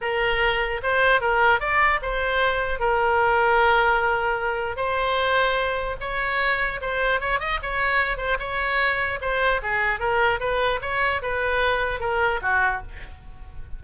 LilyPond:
\new Staff \with { instrumentName = "oboe" } { \time 4/4 \tempo 4 = 150 ais'2 c''4 ais'4 | d''4 c''2 ais'4~ | ais'1 | c''2. cis''4~ |
cis''4 c''4 cis''8 dis''8 cis''4~ | cis''8 c''8 cis''2 c''4 | gis'4 ais'4 b'4 cis''4 | b'2 ais'4 fis'4 | }